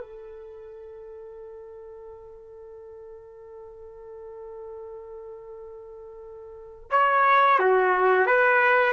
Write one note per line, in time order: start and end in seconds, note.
0.00 6.90 A4
6.90 7.59 C#5
7.59 8.26 F#4
8.26 8.92 B4